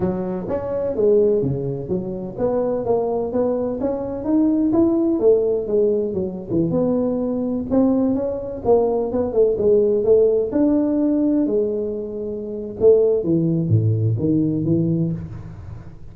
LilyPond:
\new Staff \with { instrumentName = "tuba" } { \time 4/4 \tempo 4 = 127 fis4 cis'4 gis4 cis4 | fis4 b4 ais4 b4 | cis'4 dis'4 e'4 a4 | gis4 fis8. e8 b4.~ b16~ |
b16 c'4 cis'4 ais4 b8 a16~ | a16 gis4 a4 d'4.~ d'16~ | d'16 gis2~ gis8. a4 | e4 a,4 dis4 e4 | }